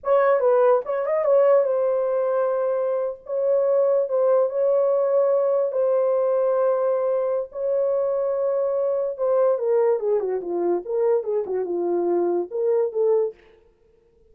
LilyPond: \new Staff \with { instrumentName = "horn" } { \time 4/4 \tempo 4 = 144 cis''4 b'4 cis''8 dis''8 cis''4 | c''2.~ c''8. cis''16~ | cis''4.~ cis''16 c''4 cis''4~ cis''16~ | cis''4.~ cis''16 c''2~ c''16~ |
c''2 cis''2~ | cis''2 c''4 ais'4 | gis'8 fis'8 f'4 ais'4 gis'8 fis'8 | f'2 ais'4 a'4 | }